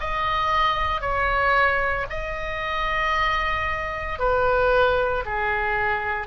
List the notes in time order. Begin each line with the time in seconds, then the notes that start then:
0.00 D#5
1.01 C#5
2.10 D#5
4.19 B4
5.25 G#4